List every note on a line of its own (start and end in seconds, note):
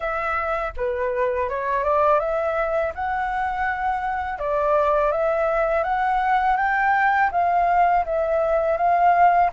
0.00 0.73 E5
0.76 1.49 B4
1.49 1.83 C#5
1.83 2.19 D5
2.19 2.92 E5
2.94 4.38 F#5
4.38 5.11 D5
5.11 5.83 E5
5.83 6.56 F#5
6.56 7.29 G5
7.31 8.05 F5
8.05 8.77 E5
8.77 9.50 F5